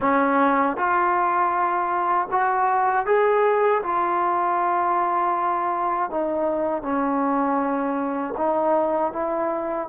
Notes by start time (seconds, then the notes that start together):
0.00 C#4
0.76 F4
2.31 F#4
3.06 G#4
3.83 F4
6.10 D#4
6.82 C#4
8.37 D#4
9.12 E4